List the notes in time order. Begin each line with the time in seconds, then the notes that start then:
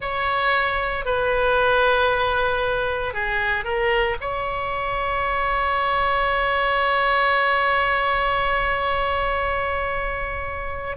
0.00 C#5
1.05 B4
3.13 G#4
3.64 A#4
4.20 C#5